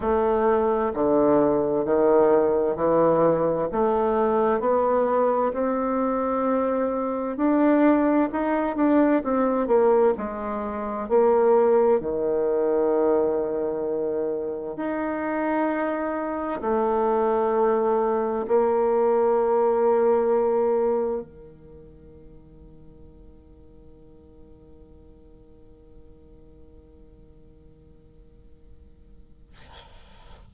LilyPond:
\new Staff \with { instrumentName = "bassoon" } { \time 4/4 \tempo 4 = 65 a4 d4 dis4 e4 | a4 b4 c'2 | d'4 dis'8 d'8 c'8 ais8 gis4 | ais4 dis2. |
dis'2 a2 | ais2. dis4~ | dis1~ | dis1 | }